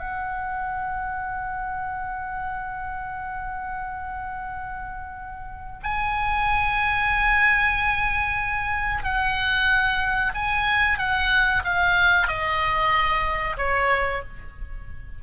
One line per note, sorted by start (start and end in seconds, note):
0.00 5.81 F#5
5.84 9.04 G#5
9.04 10.33 F#5
10.34 10.99 G#5
10.99 11.63 F#5
11.65 12.28 F5
12.28 13.57 D#5
13.57 14.22 C#5